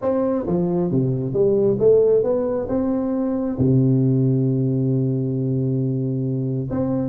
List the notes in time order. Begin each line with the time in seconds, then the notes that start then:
0.01 C4
0.46 F3
0.90 C3
1.33 G3
1.79 A3
2.23 B3
2.68 C4
3.58 C3
6.70 C4